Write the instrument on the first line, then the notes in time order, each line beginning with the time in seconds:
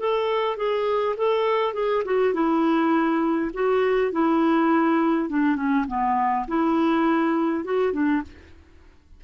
clarinet
0.00 A4
0.57 G#4
1.17 A4
1.74 G#4
2.06 F#4
2.34 E4
3.54 F#4
4.12 E4
5.30 D4
5.56 C#4
5.88 B3
6.48 E4
7.65 F#4
7.93 D4